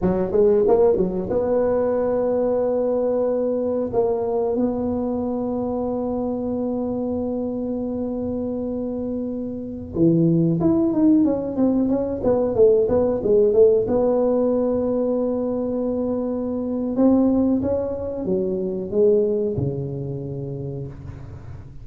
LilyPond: \new Staff \with { instrumentName = "tuba" } { \time 4/4 \tempo 4 = 92 fis8 gis8 ais8 fis8 b2~ | b2 ais4 b4~ | b1~ | b2.~ b16 e8.~ |
e16 e'8 dis'8 cis'8 c'8 cis'8 b8 a8 b16~ | b16 gis8 a8 b2~ b8.~ | b2 c'4 cis'4 | fis4 gis4 cis2 | }